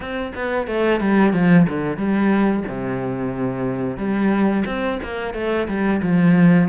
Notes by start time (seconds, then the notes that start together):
0.00 C4
0.35 B3
0.67 A3
1.00 G3
1.33 F3
1.68 D3
1.97 G3
2.68 C3
3.97 G3
4.65 C4
5.03 A#3
5.34 A3
5.68 G3
6.02 F3